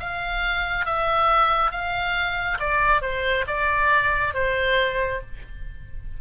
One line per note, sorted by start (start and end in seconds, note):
0.00 0.85 F5
0.85 1.71 E5
1.71 2.58 F5
2.60 3.02 D5
3.02 3.45 C5
3.47 4.34 D5
4.34 5.21 C5